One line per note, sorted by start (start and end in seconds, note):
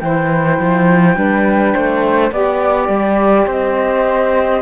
0.00 0.59 E3
0.00 1.15 E4
0.00 1.17 C5
0.00 2.31 G5
0.60 1.16 F3
1.15 1.74 G3
1.15 2.30 D4
1.15 1.74 B4
1.74 2.32 A3
1.74 2.32 C5
2.32 2.89 B3
2.32 4.62 G4
2.32 3.47 D5
2.32 3.49 D5
2.89 3.46 G3
3.47 4.62 C4
3.47 4.62 C5
3.47 4.62 D#5